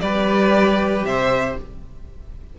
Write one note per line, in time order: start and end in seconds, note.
0.00 1.03 G3
0.00 1.57 G4
0.00 1.06 B4
0.00 1.03 D5
1.03 1.55 C3
1.03 1.59 C5
1.03 1.57 E5